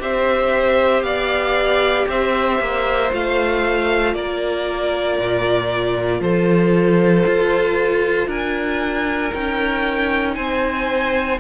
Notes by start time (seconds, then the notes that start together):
0.00 C4 G4 C5 E5
1.03 B3 D5 F5
2.08 C4 C5 E5
2.60 A#3
3.11 A3 F4 F5
4.14 A#3 A#4 D5
5.19 A#2
6.21 F3 A4 C5
7.27 F4
8.28 D4 A#4 G#5
9.33 C#4 D#4 G5
10.35 C4 C5 G#5